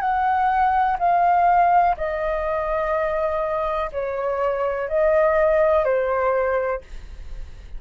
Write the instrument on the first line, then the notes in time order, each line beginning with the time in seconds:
flute
0.00 F#5
0.99 F5
1.97 D#5
3.92 C#5
4.88 D#5
5.84 C5